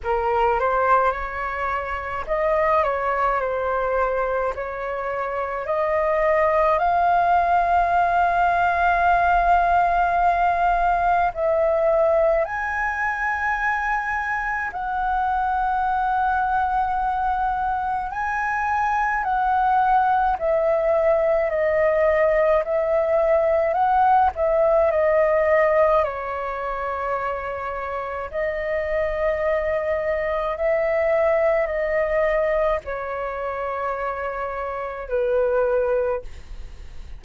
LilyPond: \new Staff \with { instrumentName = "flute" } { \time 4/4 \tempo 4 = 53 ais'8 c''8 cis''4 dis''8 cis''8 c''4 | cis''4 dis''4 f''2~ | f''2 e''4 gis''4~ | gis''4 fis''2. |
gis''4 fis''4 e''4 dis''4 | e''4 fis''8 e''8 dis''4 cis''4~ | cis''4 dis''2 e''4 | dis''4 cis''2 b'4 | }